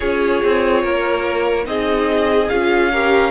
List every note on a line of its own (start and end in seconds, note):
0.00 0.43 C#4
0.00 1.64 F4
0.00 0.83 G#4
0.00 1.65 C#5
0.44 0.83 C4
0.83 1.66 A#3
0.83 1.66 A#4
1.64 2.49 C4
1.64 2.47 D#4
1.64 2.92 G#4
1.64 2.49 D#5
2.49 3.31 C#4
2.49 2.92 F4
2.49 3.31 F5
2.92 3.31 G4
2.92 3.31 A#4